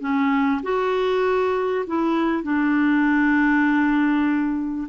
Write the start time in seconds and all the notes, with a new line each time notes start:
0.00 C#4
0.63 F#4
1.86 E4
2.43 D4